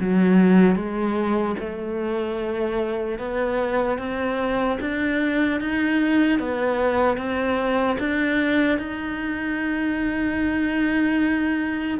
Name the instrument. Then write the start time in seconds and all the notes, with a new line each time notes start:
cello
0.00 F#3
0.76 G#3
1.60 A3
3.19 B3
3.99 C4
4.80 D4
5.60 D#4
6.40 B3
7.17 C4
8.00 D4
8.79 D#4